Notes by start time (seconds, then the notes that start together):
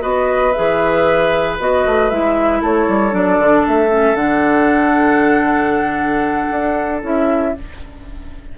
0.00 B3 F#4 B4 D#5
0.53 E3 G#4 E5
1.59 B3 F#4 D#5
1.85 A3
2.09 G#3 E4 E5
2.61 A3 A4 C#5
2.88 G3
3.10 F#3 D4 D5
3.38 D3
3.67 A3 E5
3.89 C#4
4.14 D3 D4 F#5
6.51 D4
7.02 C#4 E4 E5